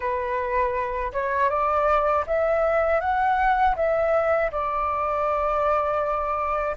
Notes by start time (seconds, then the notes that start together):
0.00 B4
1.12 C#5
1.49 D5
2.26 E5
3.00 F#5
3.75 E5
4.51 D5